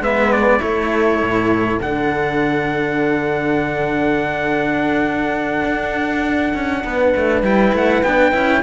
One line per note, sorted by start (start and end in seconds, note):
0.00 0.59 G#3
0.00 0.59 B3
0.00 0.60 B4
0.00 0.32 E5
0.32 0.61 D5
0.59 1.21 A3
0.59 1.78 E4
0.59 6.83 A4
0.59 1.80 C#5
1.21 1.79 A2
1.79 5.63 D3
1.79 7.43 D4
1.79 7.45 F#5
5.63 6.52 D4
6.54 6.83 C#4
6.84 7.13 B3
6.84 8.62 B4
7.16 7.42 A3
7.42 7.72 G3
7.42 8.03 E4
7.42 7.74 G5
7.73 8.02 A3
7.73 8.03 F#5
8.03 8.32 B3
8.03 8.32 D4
8.03 8.62 G5
8.32 8.62 C#4
8.32 8.61 E4